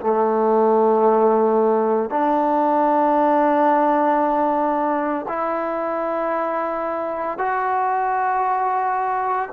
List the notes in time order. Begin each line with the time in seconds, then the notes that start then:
0.00 A3
2.10 D4
5.28 E4
7.38 F#4